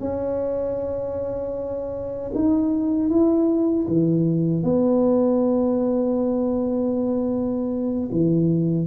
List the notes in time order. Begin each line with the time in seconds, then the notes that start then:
0.00 C#4
2.35 D#4
3.09 E4
3.87 E3
4.63 B3
8.11 E3